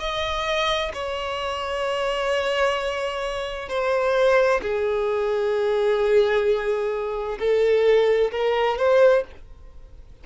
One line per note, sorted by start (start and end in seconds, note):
0.00 0.92 D#5
0.94 3.69 C#5
3.69 4.62 C5
4.62 7.39 G#4
7.40 8.32 A4
8.32 8.79 A#4
8.79 9.25 C5